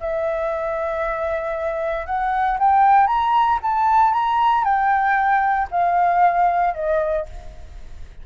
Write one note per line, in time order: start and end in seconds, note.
0.00 2.06 E5
2.06 2.58 F#5
2.59 3.07 G5
3.07 3.59 A#5
3.62 4.13 A5
4.13 4.64 A#5
4.64 5.68 G5
5.71 6.74 F5
6.74 7.26 D#5